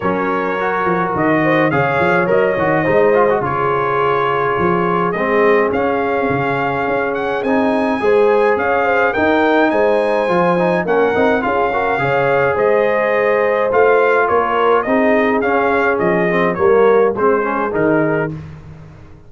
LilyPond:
<<
  \new Staff \with { instrumentName = "trumpet" } { \time 4/4 \tempo 4 = 105 cis''2 dis''4 f''4 | dis''2 cis''2~ | cis''4 dis''4 f''2~ | f''8 fis''8 gis''2 f''4 |
g''4 gis''2 fis''4 | f''2 dis''2 | f''4 cis''4 dis''4 f''4 | dis''4 cis''4 c''4 ais'4 | }
  \new Staff \with { instrumentName = "horn" } { \time 4/4 ais'2~ ais'8 c''8 cis''4~ | cis''4 c''4 gis'2~ | gis'1~ | gis'2 c''4 cis''8 c''8 |
ais'4 c''2 ais'4 | gis'8 ais'8 cis''4 c''2~ | c''4 ais'4 gis'2~ | gis'4 ais'4 gis'2 | }
  \new Staff \with { instrumentName = "trombone" } { \time 4/4 cis'4 fis'2 gis'4 | ais'8 fis'8 dis'8 f'16 fis'16 f'2~ | f'4 c'4 cis'2~ | cis'4 dis'4 gis'2 |
dis'2 f'8 dis'8 cis'8 dis'8 | f'8 fis'8 gis'2. | f'2 dis'4 cis'4~ | cis'8 c'8 ais4 c'8 cis'8 dis'4 | }
  \new Staff \with { instrumentName = "tuba" } { \time 4/4 fis4. f8 dis4 cis8 f8 | fis8 dis8 gis4 cis2 | f4 gis4 cis'4 cis4 | cis'4 c'4 gis4 cis'4 |
dis'4 gis4 f4 ais8 c'8 | cis'4 cis4 gis2 | a4 ais4 c'4 cis'4 | f4 g4 gis4 dis4 | }
>>